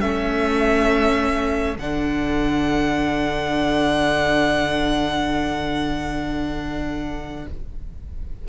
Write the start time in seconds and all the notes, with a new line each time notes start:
0.00 A3 C#4 A4 E5
1.76 D3 D4 F#5